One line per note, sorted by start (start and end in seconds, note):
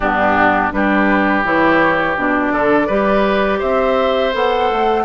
0.00 0.72 G2
0.00 0.71 B3
0.00 0.72 D4
0.00 0.71 G4
0.71 1.44 G3
0.71 1.44 D4
0.71 2.53 G4
0.71 1.44 B4
1.44 2.16 E3
1.44 2.16 E4
1.44 2.17 C#5
2.16 2.51 B2
2.16 2.88 D4
2.16 3.60 D5
2.51 2.87 D3
2.51 2.87 A4
2.87 3.61 G3
2.87 4.33 G4
2.87 3.58 B4
3.58 4.34 C4
3.58 5.03 C5
3.58 4.33 E5
4.33 4.70 B3
4.33 5.04 A4
4.33 5.04 F#5
4.71 5.04 A3